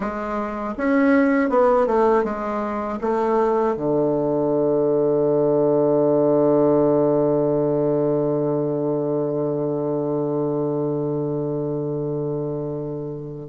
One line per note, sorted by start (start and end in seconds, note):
0.00 0.74 G#3
0.77 1.49 C#4
1.49 1.86 B3
1.86 2.24 A3
2.24 2.99 G#3
3.01 3.76 A3
3.76 13.49 D3